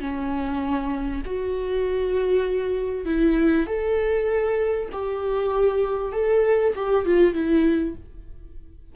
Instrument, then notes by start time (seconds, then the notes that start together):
viola
0.00 C#4
1.26 F#4
3.06 E4
3.67 A4
4.92 G4
6.13 A4
6.75 G4
7.05 F4
7.34 E4